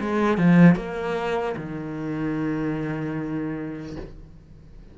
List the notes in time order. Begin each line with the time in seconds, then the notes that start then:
0.00 G#3
0.38 F3
0.75 A#3
1.56 D#3